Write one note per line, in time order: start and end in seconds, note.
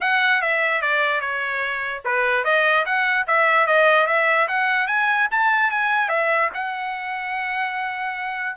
0.00 0.41 F#5
0.41 0.81 E5
0.81 1.20 D5
1.20 2.02 C#5
2.04 2.44 B4
2.44 2.85 D#5
2.85 3.26 F#5
3.27 3.66 E5
3.66 4.06 D#5
4.06 4.47 E5
4.48 4.87 F#5
4.87 5.27 G#5
5.31 5.71 A5
5.71 6.08 G#5
6.08 6.49 E5
6.54 8.56 F#5